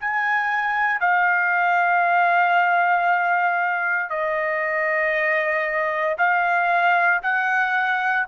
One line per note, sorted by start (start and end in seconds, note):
0.00 1.00 G#5
1.00 4.09 F5
4.09 6.16 D#5
6.17 7.21 F5
7.22 8.26 F#5